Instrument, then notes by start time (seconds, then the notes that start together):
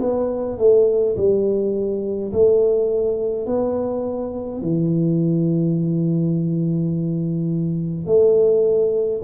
tuba
0.00 B3
0.58 A3
1.16 G3
2.32 A3
3.46 B3
4.61 E3
8.06 A3